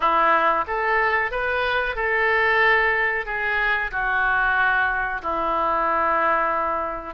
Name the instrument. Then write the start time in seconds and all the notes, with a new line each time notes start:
oboe
0.00 E4
0.67 A4
1.31 B4
1.95 A4
3.25 G#4
3.91 F#4
5.22 E4